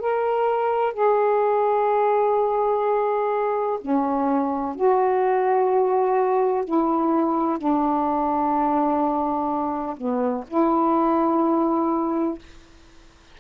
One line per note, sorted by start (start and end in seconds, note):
0.00 0.94 A#4
0.94 3.79 G#4
3.81 4.75 C#4
4.75 6.65 F#4
6.65 7.58 E4
7.58 9.97 D4
9.97 10.44 B3
10.48 12.39 E4